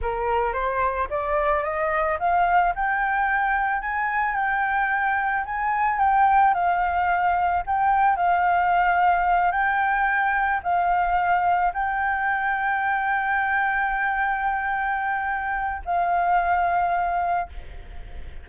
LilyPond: \new Staff \with { instrumentName = "flute" } { \time 4/4 \tempo 4 = 110 ais'4 c''4 d''4 dis''4 | f''4 g''2 gis''4 | g''2 gis''4 g''4 | f''2 g''4 f''4~ |
f''4. g''2 f''8~ | f''4. g''2~ g''8~ | g''1~ | g''4 f''2. | }